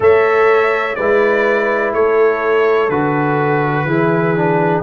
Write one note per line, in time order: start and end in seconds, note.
0.00 0.97 A3
0.00 0.95 A4
0.00 0.97 C#5
0.00 0.95 E5
0.95 1.93 G#3
0.95 2.90 E4
0.95 1.94 B4
0.95 1.92 D5
1.93 2.89 A3
1.93 3.86 A4
1.93 2.89 C#5
2.89 3.84 D3
2.89 3.87 F#4
2.89 4.82 B4
3.84 4.81 E3
3.84 4.35 E4
3.84 4.82 G#4
4.35 4.82 D4